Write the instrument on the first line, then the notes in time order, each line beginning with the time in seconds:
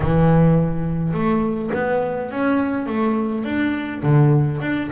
double bass
0.00 E3
1.12 A3
1.73 B3
2.30 C#4
2.86 A3
3.44 D4
4.02 D3
4.61 D4